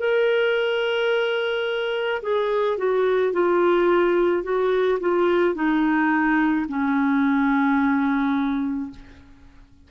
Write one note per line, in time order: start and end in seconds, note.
0.00 2.22 A#4
2.23 2.78 G#4
2.78 3.33 F#4
3.33 4.44 F4
4.44 4.99 F#4
5.01 5.55 F4
5.55 6.66 D#4
6.69 8.91 C#4